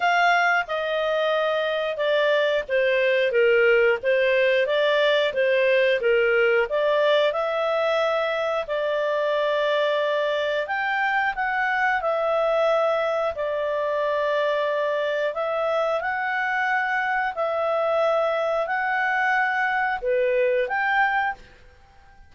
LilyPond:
\new Staff \with { instrumentName = "clarinet" } { \time 4/4 \tempo 4 = 90 f''4 dis''2 d''4 | c''4 ais'4 c''4 d''4 | c''4 ais'4 d''4 e''4~ | e''4 d''2. |
g''4 fis''4 e''2 | d''2. e''4 | fis''2 e''2 | fis''2 b'4 g''4 | }